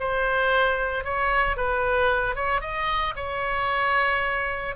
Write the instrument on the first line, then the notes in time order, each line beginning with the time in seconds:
oboe
0.00 C5
1.04 C#5
1.56 B4
2.36 C#5
2.61 D#5
3.16 C#5